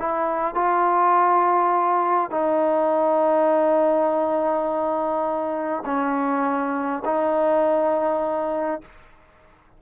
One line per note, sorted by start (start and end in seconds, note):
0.00 0.55 E4
0.55 2.31 F4
2.31 5.84 D#4
5.86 7.03 C#4
7.06 8.82 D#4